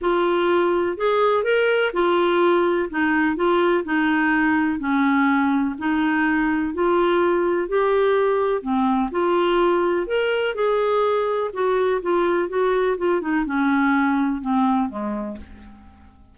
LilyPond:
\new Staff \with { instrumentName = "clarinet" } { \time 4/4 \tempo 4 = 125 f'2 gis'4 ais'4 | f'2 dis'4 f'4 | dis'2 cis'2 | dis'2 f'2 |
g'2 c'4 f'4~ | f'4 ais'4 gis'2 | fis'4 f'4 fis'4 f'8 dis'8 | cis'2 c'4 gis4 | }